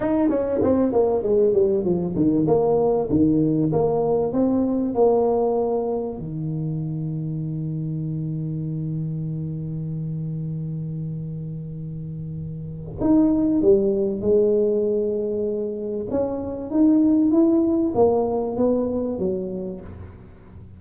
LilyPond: \new Staff \with { instrumentName = "tuba" } { \time 4/4 \tempo 4 = 97 dis'8 cis'8 c'8 ais8 gis8 g8 f8 dis8 | ais4 dis4 ais4 c'4 | ais2 dis2~ | dis1~ |
dis1~ | dis4 dis'4 g4 gis4~ | gis2 cis'4 dis'4 | e'4 ais4 b4 fis4 | }